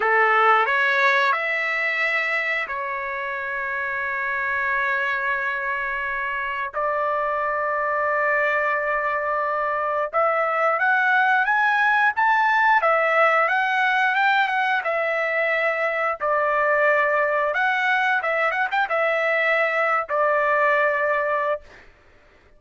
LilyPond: \new Staff \with { instrumentName = "trumpet" } { \time 4/4 \tempo 4 = 89 a'4 cis''4 e''2 | cis''1~ | cis''2 d''2~ | d''2. e''4 |
fis''4 gis''4 a''4 e''4 | fis''4 g''8 fis''8 e''2 | d''2 fis''4 e''8 fis''16 g''16 | e''4.~ e''16 d''2~ d''16 | }